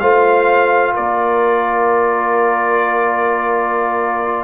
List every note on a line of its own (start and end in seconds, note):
0.00 0.94 A3
0.00 4.45 F4
0.00 0.93 C5
0.00 0.94 F5
0.93 4.45 A#3
0.93 4.45 A#4
0.93 4.45 D5